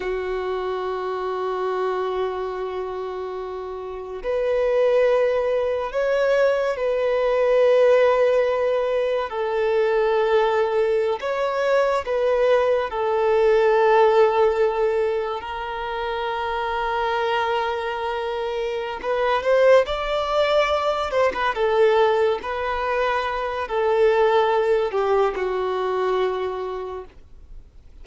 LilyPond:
\new Staff \with { instrumentName = "violin" } { \time 4/4 \tempo 4 = 71 fis'1~ | fis'4 b'2 cis''4 | b'2. a'4~ | a'4~ a'16 cis''4 b'4 a'8.~ |
a'2~ a'16 ais'4.~ ais'16~ | ais'2~ ais'8 b'8 c''8 d''8~ | d''4 c''16 b'16 a'4 b'4. | a'4. g'8 fis'2 | }